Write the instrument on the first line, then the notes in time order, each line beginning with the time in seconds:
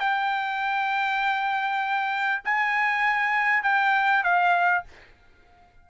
trumpet
0.00 G5
2.44 G#5
3.63 G5
4.23 F5